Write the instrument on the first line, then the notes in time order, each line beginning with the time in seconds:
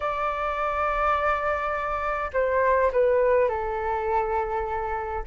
flute
0.00 D5
2.33 C5
2.92 B4
3.48 A4